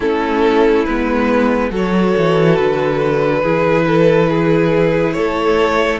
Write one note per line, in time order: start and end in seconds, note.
0.00 0.85 A3
0.00 0.87 C#4
0.00 1.70 E4
0.00 0.84 A4
0.84 1.70 G#3
0.84 1.70 B3
0.84 1.70 B4
1.70 2.13 F#3
1.70 3.42 F#4
1.70 3.41 A4
1.70 2.56 C#5
2.17 2.60 E3
2.56 3.44 D3
2.56 5.12 B4
3.42 5.15 E3
3.42 5.99 E4
3.42 3.85 G#4
3.87 4.29 A4
4.29 5.15 G#4
5.12 5.99 A3
5.12 5.99 A4
5.12 5.98 C#5